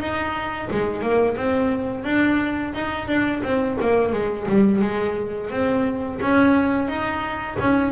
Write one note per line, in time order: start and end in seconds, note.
0.00 0.69 D#4
0.71 1.02 G#3
1.02 1.36 A#3
1.36 2.04 C4
2.04 2.73 D4
2.74 3.08 D#4
3.08 3.42 D4
3.43 3.78 C4
3.81 4.12 A#3
4.12 4.47 G#3
4.49 4.82 G3
4.82 5.50 G#3
5.50 6.19 C4
6.21 6.88 C#4
6.88 7.57 D#4
7.60 7.92 C#4